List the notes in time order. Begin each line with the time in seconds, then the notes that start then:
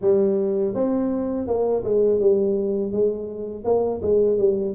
0.01 G3
0.74 C4
1.47 A#3
1.84 G#3
2.20 G3
2.92 G#3
3.64 A#3
4.02 G#3
4.38 G3